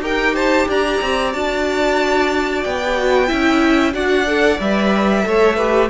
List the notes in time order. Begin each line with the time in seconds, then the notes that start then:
0.00 D#4 G4 A#4 G5
0.34 C5 A5
0.68 D4 D5 A#5
1.01 C4
1.32 D4 F#4 A5
2.63 B3 G5
2.84 G4
2.97 F#4
3.27 C#4 E4 E5
3.93 D4 F#4 D5 F#5
4.26 A4
4.59 G3 B4 E5
5.23 A3 A4 C#5
5.56 G4 B4